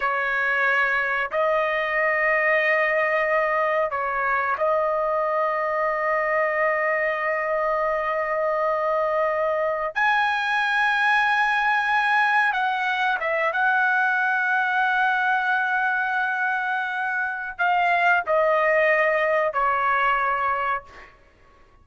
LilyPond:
\new Staff \with { instrumentName = "trumpet" } { \time 4/4 \tempo 4 = 92 cis''2 dis''2~ | dis''2 cis''4 dis''4~ | dis''1~ | dis''2.~ dis''16 gis''8.~ |
gis''2.~ gis''16 fis''8.~ | fis''16 e''8 fis''2.~ fis''16~ | fis''2. f''4 | dis''2 cis''2 | }